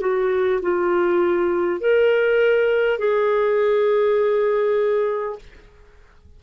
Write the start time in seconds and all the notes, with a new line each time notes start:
0.00 F#4
0.62 F4
1.81 A#4
2.99 G#4